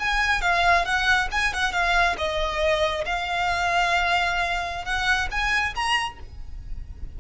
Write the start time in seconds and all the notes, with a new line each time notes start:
0.00 G#5
0.42 F5
0.85 F#5
1.32 G#5
1.54 F#5
1.73 F5
2.18 D#5
3.06 F5
4.85 F#5
5.31 G#5
5.76 A#5